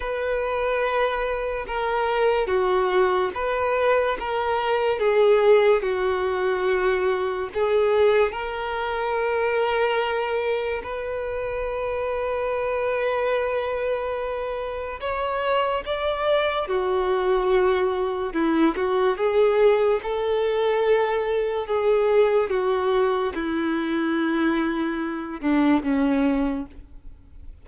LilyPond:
\new Staff \with { instrumentName = "violin" } { \time 4/4 \tempo 4 = 72 b'2 ais'4 fis'4 | b'4 ais'4 gis'4 fis'4~ | fis'4 gis'4 ais'2~ | ais'4 b'2.~ |
b'2 cis''4 d''4 | fis'2 e'8 fis'8 gis'4 | a'2 gis'4 fis'4 | e'2~ e'8 d'8 cis'4 | }